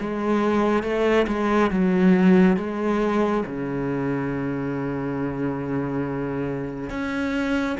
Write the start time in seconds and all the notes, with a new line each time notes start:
0.00 G#3
0.83 A3
1.27 G#3
1.70 F#3
2.57 G#3
3.45 C#3
6.89 C#4